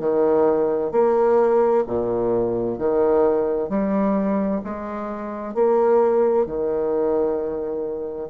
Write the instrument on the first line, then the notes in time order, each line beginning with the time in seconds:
bassoon
0.00 D#3
0.92 A#3
1.87 A#2
2.79 D#3
3.70 G3
4.64 G#3
5.55 A#3
6.47 D#3